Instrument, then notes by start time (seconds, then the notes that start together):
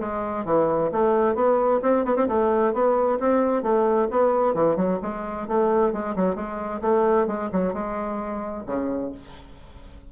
bassoon
0.00 G#3
0.45 E3
0.92 A3
1.35 B3
1.82 C4
2.05 B3
2.16 C4
2.28 A3
2.73 B3
3.20 C4
3.63 A3
4.11 B3
4.55 E3
4.76 F#3
5.02 G#3
5.48 A3
5.93 G#3
6.16 F#3
6.36 G#3
6.82 A3
7.27 G#3
7.52 F#3
7.74 G#3
8.67 C#3